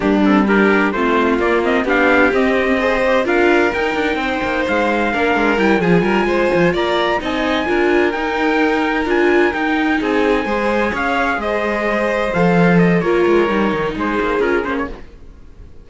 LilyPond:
<<
  \new Staff \with { instrumentName = "trumpet" } { \time 4/4 \tempo 4 = 129 g'8 a'8 ais'4 c''4 d''8 dis''8 | f''4 dis''2 f''4 | g''2 f''2 | g''8 gis''2 ais''4 gis''8~ |
gis''4. g''2 gis''8~ | gis''8 g''4 gis''2 f''8~ | f''8 dis''2 f''4 dis''8 | cis''2 c''4 ais'8 c''16 cis''16 | }
  \new Staff \with { instrumentName = "violin" } { \time 4/4 d'4 g'4 f'2 | g'2 c''4 ais'4~ | ais'4 c''2 ais'4~ | ais'8 gis'8 ais'8 c''4 d''4 dis''8~ |
dis''8 ais'2.~ ais'8~ | ais'4. gis'4 c''4 cis''8~ | cis''8 c''2.~ c''8 | ais'2 gis'2 | }
  \new Staff \with { instrumentName = "viola" } { \time 4/4 ais8 c'8 d'4 c'4 ais8 c'8 | d'4 c'4 gis'8 g'8 f'4 | dis'2. d'4 | e'8 f'2. dis'8~ |
dis'8 f'4 dis'2 f'8~ | f'8 dis'2 gis'4.~ | gis'2~ gis'8 a'4. | f'4 dis'2 f'8 cis'8 | }
  \new Staff \with { instrumentName = "cello" } { \time 4/4 g2 a4 ais4 | b4 c'2 d'4 | dis'8 d'8 c'8 ais8 gis4 ais8 gis8 | g8 f8 g8 gis8 f8 ais4 c'8~ |
c'8 d'4 dis'2 d'8~ | d'8 dis'4 c'4 gis4 cis'8~ | cis'8 gis2 f4. | ais8 gis8 g8 dis8 gis8 ais8 cis'8 ais8 | }
>>